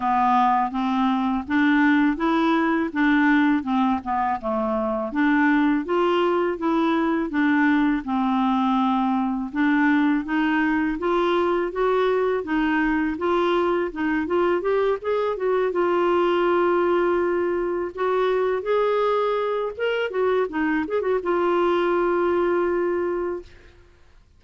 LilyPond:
\new Staff \with { instrumentName = "clarinet" } { \time 4/4 \tempo 4 = 82 b4 c'4 d'4 e'4 | d'4 c'8 b8 a4 d'4 | f'4 e'4 d'4 c'4~ | c'4 d'4 dis'4 f'4 |
fis'4 dis'4 f'4 dis'8 f'8 | g'8 gis'8 fis'8 f'2~ f'8~ | f'8 fis'4 gis'4. ais'8 fis'8 | dis'8 gis'16 fis'16 f'2. | }